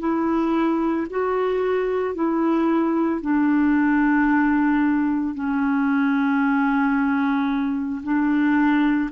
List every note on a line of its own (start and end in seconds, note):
0.00 1.07 E4
1.10 2.15 F#4
2.15 3.21 E4
3.21 5.35 D4
5.35 8.03 C#4
8.04 9.11 D4